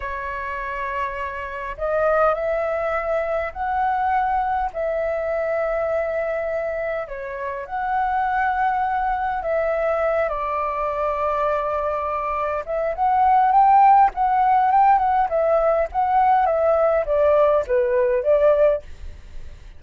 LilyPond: \new Staff \with { instrumentName = "flute" } { \time 4/4 \tempo 4 = 102 cis''2. dis''4 | e''2 fis''2 | e''1 | cis''4 fis''2. |
e''4. d''2~ d''8~ | d''4. e''8 fis''4 g''4 | fis''4 g''8 fis''8 e''4 fis''4 | e''4 d''4 b'4 d''4 | }